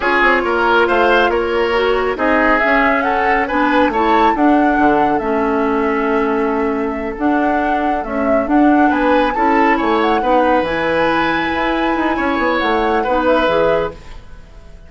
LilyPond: <<
  \new Staff \with { instrumentName = "flute" } { \time 4/4 \tempo 4 = 138 cis''2 f''4 cis''4~ | cis''4 dis''4 e''4 fis''4 | gis''4 a''4 fis''2 | e''1~ |
e''8 fis''2 e''4 fis''8~ | fis''8 gis''4 a''4 gis''8 fis''4~ | fis''8 gis''2.~ gis''8~ | gis''4 fis''4. e''4. | }
  \new Staff \with { instrumentName = "oboe" } { \time 4/4 gis'4 ais'4 c''4 ais'4~ | ais'4 gis'2 a'4 | b'4 cis''4 a'2~ | a'1~ |
a'1~ | a'8 b'4 a'4 cis''4 b'8~ | b'1 | cis''2 b'2 | }
  \new Staff \with { instrumentName = "clarinet" } { \time 4/4 f'1 | fis'4 dis'4 cis'2 | d'4 e'4 d'2 | cis'1~ |
cis'8 d'2 a4 d'8~ | d'4. e'2 dis'8~ | dis'8 e'2.~ e'8~ | e'2 dis'4 gis'4 | }
  \new Staff \with { instrumentName = "bassoon" } { \time 4/4 cis'8 c'8 ais4 a4 ais4~ | ais4 c'4 cis'2 | b4 a4 d'4 d4 | a1~ |
a8 d'2 cis'4 d'8~ | d'8 b4 cis'4 a4 b8~ | b8 e2 e'4 dis'8 | cis'8 b8 a4 b4 e4 | }
>>